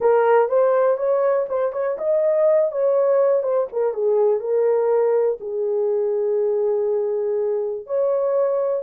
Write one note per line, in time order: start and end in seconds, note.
0.00 0.49 A#4
0.49 0.97 C5
0.97 1.46 C#5
1.48 1.72 C5
1.72 1.97 C#5
1.98 2.71 D#5
2.71 3.42 C#5
3.42 3.67 C5
3.72 3.93 A#4
3.93 4.40 G#4
4.40 5.38 A#4
5.40 7.86 G#4
7.86 8.82 C#5